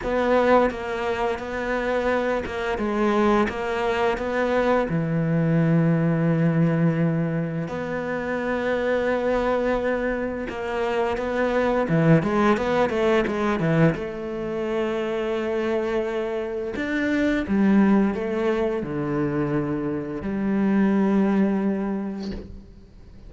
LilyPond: \new Staff \with { instrumentName = "cello" } { \time 4/4 \tempo 4 = 86 b4 ais4 b4. ais8 | gis4 ais4 b4 e4~ | e2. b4~ | b2. ais4 |
b4 e8 gis8 b8 a8 gis8 e8 | a1 | d'4 g4 a4 d4~ | d4 g2. | }